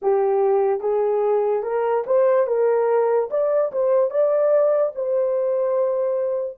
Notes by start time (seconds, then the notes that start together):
0.02 G4
0.80 G#4
1.63 A#4
2.06 C5
2.47 A#4
3.30 D5
3.71 C5
4.10 D5
4.95 C5